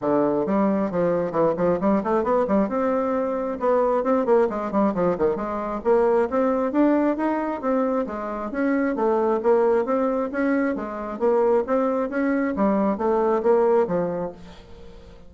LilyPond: \new Staff \with { instrumentName = "bassoon" } { \time 4/4 \tempo 4 = 134 d4 g4 f4 e8 f8 | g8 a8 b8 g8 c'2 | b4 c'8 ais8 gis8 g8 f8 dis8 | gis4 ais4 c'4 d'4 |
dis'4 c'4 gis4 cis'4 | a4 ais4 c'4 cis'4 | gis4 ais4 c'4 cis'4 | g4 a4 ais4 f4 | }